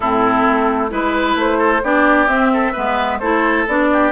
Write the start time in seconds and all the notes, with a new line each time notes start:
0.00 A2 C4 E4 A4
0.48 A3
0.89 G#3 E4 B4
1.35 A3 C5
1.58 A4
1.83 B3 D4 G4 D5
2.27 C4 E5
2.53 A4
2.72 G#3 B3 B4
3.19 A3 E4 A4 C5
3.67 B3 D4 D5
3.92 G4